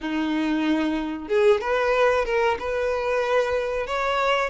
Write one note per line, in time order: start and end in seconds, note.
0.00 1.28 D#4
1.28 1.60 G#4
1.60 2.25 B4
2.25 2.57 A#4
2.59 3.86 B4
3.86 4.49 C#5